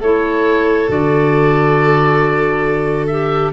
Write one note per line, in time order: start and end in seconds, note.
0.00 0.89 A3
0.00 0.89 E4
0.00 3.53 A4
0.00 0.91 C#5
0.89 3.53 D3
0.89 3.09 F#4
0.89 3.07 D5
3.07 3.53 G4
3.07 3.51 E5